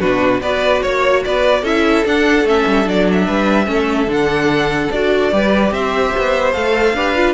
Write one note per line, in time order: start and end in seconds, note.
0.00 0.41 B2
0.00 0.42 D4
0.00 0.41 F#4
0.00 0.41 B4
0.41 0.82 B3
0.41 1.65 F#4
0.41 0.83 B4
0.41 0.82 D5
0.82 1.25 A#3
0.82 1.23 C#5
0.82 1.24 C#5
1.25 1.63 B3
1.25 1.62 B4
1.25 1.65 D5
1.62 2.04 C#4
1.62 2.06 E4
1.62 3.26 A4
1.62 2.06 E5
2.06 2.44 D4
2.06 2.46 D4
2.06 2.48 F#5
2.44 2.65 A3
2.44 2.85 C#4
2.44 2.88 E5
2.67 2.87 G3
2.85 3.28 F#3
2.85 3.66 D4
2.85 3.09 D5
3.12 4.12 E5
3.26 3.68 G3
3.26 3.67 B4
3.66 4.07 A3
3.66 4.07 C#4
3.66 5.33 A4
4.07 4.89 D3
4.07 4.91 D4
4.07 4.92 F#5
4.92 5.32 D4
4.92 5.32 F#4
4.92 5.73 D5
5.32 5.71 G3
5.32 6.53 G4
5.32 5.73 B4
5.71 6.12 C4
5.71 6.96 C5
5.71 6.53 E5
6.18 6.55 B3
6.53 6.94 A3
6.53 6.94 A4
6.53 7.34 F5
6.94 7.34 D4
6.94 7.16 G4
6.94 7.34 B4
7.16 7.34 F4